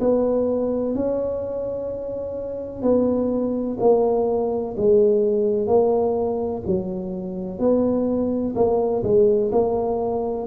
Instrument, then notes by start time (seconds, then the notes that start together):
tuba
0.00 B3
0.95 C#4
2.82 B3
3.80 A#3
4.77 G#3
5.67 A#3
6.67 F#3
7.59 B3
8.55 A#3
9.03 G#3
9.52 A#3